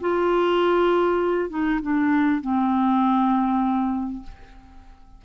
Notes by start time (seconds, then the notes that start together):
0.00 F4
1.49 D#4
1.81 D4
2.41 C4